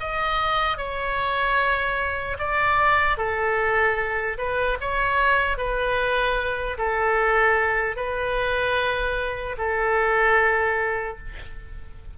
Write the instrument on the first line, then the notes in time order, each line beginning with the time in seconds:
oboe
0.00 D#5
0.77 C#5
2.39 D5
3.17 A4
4.38 B4
4.81 C#5
5.57 B4
6.78 A4
7.96 B4
9.58 A4